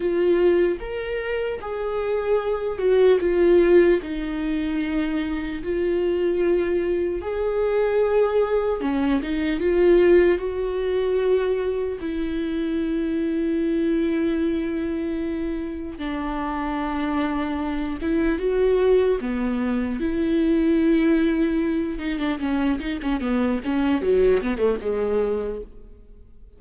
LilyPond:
\new Staff \with { instrumentName = "viola" } { \time 4/4 \tempo 4 = 75 f'4 ais'4 gis'4. fis'8 | f'4 dis'2 f'4~ | f'4 gis'2 cis'8 dis'8 | f'4 fis'2 e'4~ |
e'1 | d'2~ d'8 e'8 fis'4 | b4 e'2~ e'8 dis'16 d'16 | cis'8 dis'16 cis'16 b8 cis'8 fis8 b16 a16 gis4 | }